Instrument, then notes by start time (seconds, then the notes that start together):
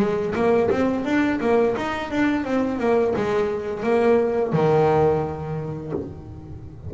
double bass
0.00 G#3
0.36 A#3
0.71 C4
1.05 D4
1.41 A#3
1.77 D#4
2.11 D4
2.45 C4
2.79 A#3
3.16 G#3
3.84 A#3
4.53 D#3